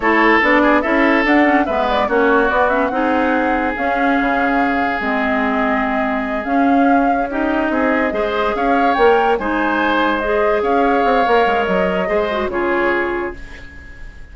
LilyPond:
<<
  \new Staff \with { instrumentName = "flute" } { \time 4/4 \tempo 4 = 144 cis''4 d''4 e''4 fis''4 | e''8 d''8 cis''4 d''8 e''8 fis''4~ | fis''4 f''2. | dis''2.~ dis''8 f''8~ |
f''4. dis''2~ dis''8~ | dis''8 f''4 g''4 gis''4.~ | gis''8 dis''4 f''2~ f''8 | dis''2 cis''2 | }
  \new Staff \with { instrumentName = "oboe" } { \time 4/4 a'4. gis'8 a'2 | b'4 fis'2 gis'4~ | gis'1~ | gis'1~ |
gis'4. g'4 gis'4 c''8~ | c''8 cis''2 c''4.~ | c''4. cis''2~ cis''8~ | cis''4 c''4 gis'2 | }
  \new Staff \with { instrumentName = "clarinet" } { \time 4/4 e'4 d'4 e'4 d'8 cis'8 | b4 cis'4 b8 cis'8 dis'4~ | dis'4 cis'2. | c'2.~ c'8 cis'8~ |
cis'4. dis'2 gis'8~ | gis'4. ais'4 dis'4.~ | dis'8 gis'2~ gis'8 ais'4~ | ais'4 gis'8 fis'8 f'2 | }
  \new Staff \with { instrumentName = "bassoon" } { \time 4/4 a4 b4 cis'4 d'4 | gis4 ais4 b4 c'4~ | c'4 cis'4 cis2 | gis2.~ gis8 cis'8~ |
cis'2~ cis'8 c'4 gis8~ | gis8 cis'4 ais4 gis4.~ | gis4. cis'4 c'8 ais8 gis8 | fis4 gis4 cis2 | }
>>